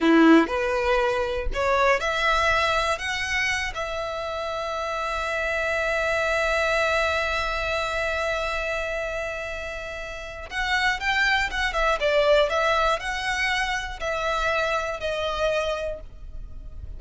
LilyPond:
\new Staff \with { instrumentName = "violin" } { \time 4/4 \tempo 4 = 120 e'4 b'2 cis''4 | e''2 fis''4. e''8~ | e''1~ | e''1~ |
e''1~ | e''4 fis''4 g''4 fis''8 e''8 | d''4 e''4 fis''2 | e''2 dis''2 | }